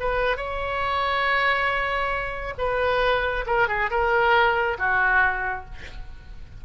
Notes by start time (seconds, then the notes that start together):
0.00 B4
0.37 C#5
2.58 B4
3.46 A#4
3.68 G#4
3.90 A#4
4.78 F#4